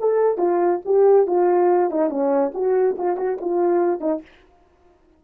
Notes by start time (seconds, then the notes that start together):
0.00 A4
0.38 F4
0.85 G4
1.26 F4
1.91 D#4
2.09 C#4
2.54 F#4
2.98 F4
3.17 F#4
3.41 F4
4.00 D#4